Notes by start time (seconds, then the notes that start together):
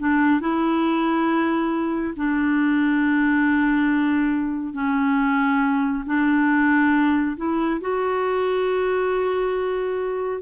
0.00 D4
0.41 E4
2.17 D4
4.74 C#4
6.06 D4
7.37 E4
7.81 F#4